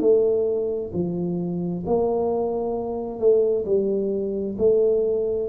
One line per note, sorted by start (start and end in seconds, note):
0.00 0.91 A3
0.93 1.84 F3
1.86 3.19 A#3
3.19 3.65 A3
3.65 4.56 G3
4.58 5.49 A3